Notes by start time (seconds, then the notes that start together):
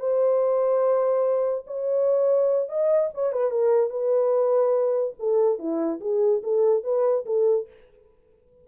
0.00 C5
1.67 C#5
2.69 D#5
3.14 C#5
3.33 B4
3.51 A#4
3.90 B4
5.20 A4
5.59 E4
6.01 G#4
6.44 A4
6.84 B4
7.26 A4